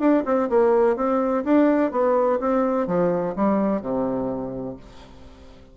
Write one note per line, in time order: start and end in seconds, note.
0.00 0.24 D4
0.26 0.50 C4
0.50 0.97 A#3
0.97 1.44 C4
1.45 1.92 D4
1.92 2.40 B3
2.40 2.88 C4
2.88 3.35 F3
3.36 3.82 G3
3.82 4.77 C3